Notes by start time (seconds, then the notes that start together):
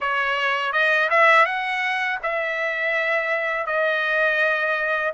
0.00 C#5
0.72 D#5
1.09 E5
1.45 F#5
2.22 E5
3.66 D#5